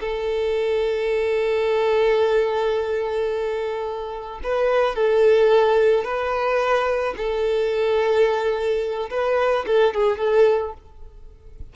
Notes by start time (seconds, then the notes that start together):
0.00 A4
4.43 B4
4.95 A4
6.04 B4
7.17 A4
9.10 B4
9.66 A4
9.94 G#4
10.18 A4